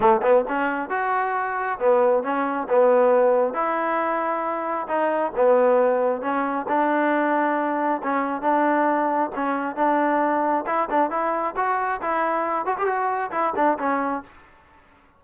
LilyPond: \new Staff \with { instrumentName = "trombone" } { \time 4/4 \tempo 4 = 135 a8 b8 cis'4 fis'2 | b4 cis'4 b2 | e'2. dis'4 | b2 cis'4 d'4~ |
d'2 cis'4 d'4~ | d'4 cis'4 d'2 | e'8 d'8 e'4 fis'4 e'4~ | e'8 fis'16 g'16 fis'4 e'8 d'8 cis'4 | }